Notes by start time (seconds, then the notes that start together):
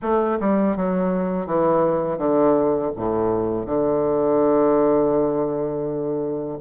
0.02 A3
0.40 G3
0.76 F#3
1.46 E3
2.18 D3
2.96 A2
3.66 D3